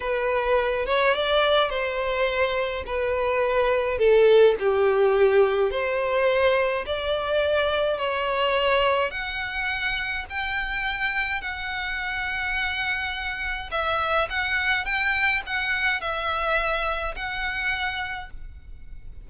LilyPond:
\new Staff \with { instrumentName = "violin" } { \time 4/4 \tempo 4 = 105 b'4. cis''8 d''4 c''4~ | c''4 b'2 a'4 | g'2 c''2 | d''2 cis''2 |
fis''2 g''2 | fis''1 | e''4 fis''4 g''4 fis''4 | e''2 fis''2 | }